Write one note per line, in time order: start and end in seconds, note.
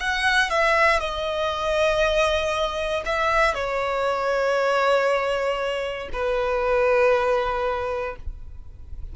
0.00 0.50 F#5
0.50 1.00 E5
1.00 3.03 D#5
3.06 3.55 E5
3.55 6.09 C#5
6.12 8.16 B4